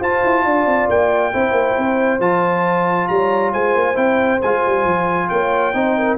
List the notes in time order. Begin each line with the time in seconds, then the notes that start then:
0.00 F4 C5 A5
0.24 E4
0.45 D4 D5
0.66 C4
0.89 A#3 G5
1.34 C4 E4 C5
1.52 A#3
1.78 C4
2.20 F3 F4 A5
3.08 G3 C#5 A#5
3.53 G#3 C5 G#5
3.76 A#3
3.96 C4 E4 G5
4.42 G#3 F4 G#5
4.66 G3
4.85 F3
5.30 A#3 C#5 G5
5.74 C4 D#4 C5
5.98 A#4